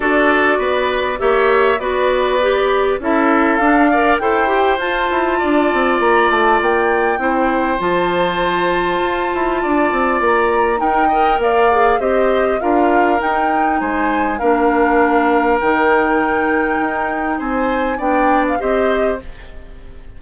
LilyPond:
<<
  \new Staff \with { instrumentName = "flute" } { \time 4/4 \tempo 4 = 100 d''2 e''4 d''4~ | d''4 e''4 f''4 g''4 | a''2 ais''8 a''8 g''4~ | g''4 a''2.~ |
a''4 ais''4 g''4 f''4 | dis''4 f''4 g''4 gis''4 | f''2 g''2~ | g''4 gis''4 g''8. f''16 dis''4 | }
  \new Staff \with { instrumentName = "oboe" } { \time 4/4 a'4 b'4 cis''4 b'4~ | b'4 a'4. d''8 c''4~ | c''4 d''2. | c''1 |
d''2 ais'8 dis''8 d''4 | c''4 ais'2 c''4 | ais'1~ | ais'4 c''4 d''4 c''4 | }
  \new Staff \with { instrumentName = "clarinet" } { \time 4/4 fis'2 g'4 fis'4 | g'4 e'4 d'8 ais'8 a'8 g'8 | f'1 | e'4 f'2.~ |
f'2 dis'8 ais'4 gis'8 | g'4 f'4 dis'2 | d'2 dis'2~ | dis'2 d'4 g'4 | }
  \new Staff \with { instrumentName = "bassoon" } { \time 4/4 d'4 b4 ais4 b4~ | b4 cis'4 d'4 e'4 | f'8 e'8 d'8 c'8 ais8 a8 ais4 | c'4 f2 f'8 e'8 |
d'8 c'8 ais4 dis'4 ais4 | c'4 d'4 dis'4 gis4 | ais2 dis2 | dis'4 c'4 b4 c'4 | }
>>